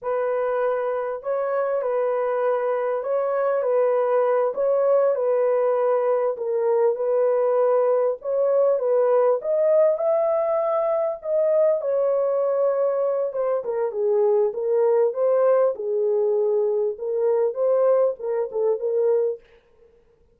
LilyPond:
\new Staff \with { instrumentName = "horn" } { \time 4/4 \tempo 4 = 99 b'2 cis''4 b'4~ | b'4 cis''4 b'4. cis''8~ | cis''8 b'2 ais'4 b'8~ | b'4. cis''4 b'4 dis''8~ |
dis''8 e''2 dis''4 cis''8~ | cis''2 c''8 ais'8 gis'4 | ais'4 c''4 gis'2 | ais'4 c''4 ais'8 a'8 ais'4 | }